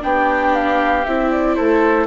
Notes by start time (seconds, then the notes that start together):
0.00 B3 D4 G4 G5
0.53 F5
1.05 C4 E4 E5
1.31 D5
1.54 A3 A4 C5